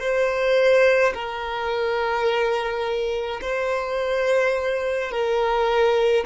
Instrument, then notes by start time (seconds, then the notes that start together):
violin
0.00 C5
1.14 A#4
3.41 C5
5.11 A#4